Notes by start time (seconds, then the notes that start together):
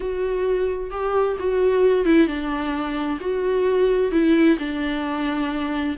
0.00 F#4
0.91 G4
1.39 F#4
2.05 E4
2.27 D4
3.20 F#4
4.11 E4
4.58 D4